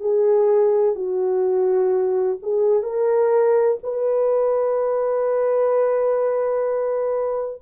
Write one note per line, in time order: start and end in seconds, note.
0.00 0.95 G#4
0.95 2.38 F#4
2.43 2.83 G#4
2.83 3.78 A#4
3.84 7.62 B4